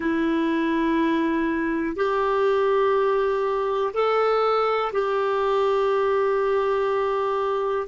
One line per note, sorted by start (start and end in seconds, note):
0.00 1.95 E4
1.95 3.92 G4
3.93 4.92 A4
4.92 7.87 G4